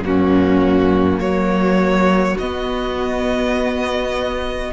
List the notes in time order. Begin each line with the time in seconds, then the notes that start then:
0.00 F#2 A#3 C#4 F#4
1.18 F#3 F#4 C#5
2.38 B3 D#5